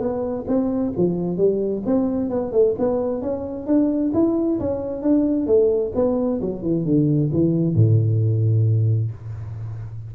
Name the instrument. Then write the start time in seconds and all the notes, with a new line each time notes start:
tuba
0.00 B3
0.48 C4
0.97 F3
1.38 G3
1.86 C4
2.30 B3
2.52 A3
2.79 B3
3.22 C#4
3.67 D4
4.14 E4
4.60 C#4
5.03 D4
5.47 A3
5.95 B3
6.42 F#3
6.63 E3
6.85 D3
7.33 E3
7.76 A2